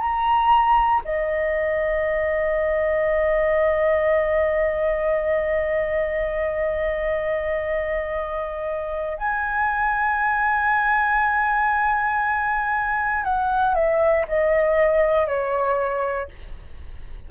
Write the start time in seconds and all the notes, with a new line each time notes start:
0.00 A#5
1.04 D#5
9.18 G#5
13.24 F#5
13.75 E5
14.28 D#5
15.27 C#5